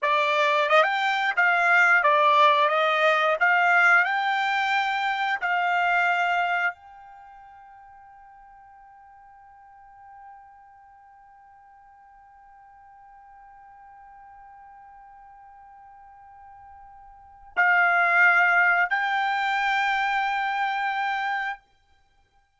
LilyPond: \new Staff \with { instrumentName = "trumpet" } { \time 4/4 \tempo 4 = 89 d''4 dis''16 g''8. f''4 d''4 | dis''4 f''4 g''2 | f''2 g''2~ | g''1~ |
g''1~ | g''1~ | g''2 f''2 | g''1 | }